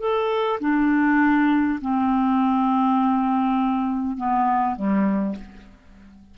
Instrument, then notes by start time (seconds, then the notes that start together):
clarinet
0.00 A4
0.60 D4
1.81 C4
4.17 B3
4.76 G3